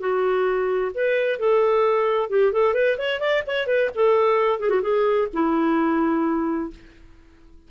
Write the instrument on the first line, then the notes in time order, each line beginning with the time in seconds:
clarinet
0.00 F#4
0.94 B4
1.39 A4
2.30 G4
2.53 A4
2.74 B4
2.98 C#5
3.20 D5
3.47 C#5
3.67 B4
3.95 A4
4.59 G#4
4.70 F#4
4.82 G#4
5.33 E4